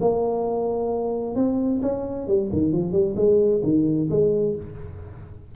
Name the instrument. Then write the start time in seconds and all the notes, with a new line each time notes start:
tuba
0.00 A#3
1.35 C4
1.81 C#4
2.27 G3
2.52 D#3
2.72 F3
2.92 G3
3.16 G#3
3.63 D#3
4.10 G#3